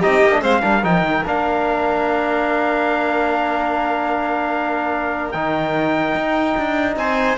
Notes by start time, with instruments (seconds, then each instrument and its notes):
0.00 cello C4, trombone D#4, violin G4, trumpet D#5
0.23 cello A#3
0.32 trombone D4
0.42 cello G#3, trombone C4, violin C5, trumpet F5
0.61 cello G3, trombone D4, violin A#4
0.84 cello F3, trombone D#4, trumpet G5
1.02 cello D#3
1.25 cello A#3, trombone D4, trumpet F5
5.32 cello D#3, trombone D#4, trumpet G5
6.15 cello D#4
6.58 cello D4
6.97 cello C4, violin C5, trumpet G#5